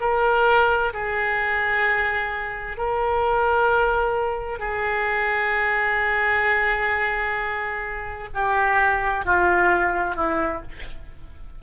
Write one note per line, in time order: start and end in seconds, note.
0.00 0.92 A#4
0.93 2.77 G#4
2.77 4.59 A#4
4.59 8.28 G#4
8.34 9.25 G4
9.25 10.15 F4
10.15 10.62 E4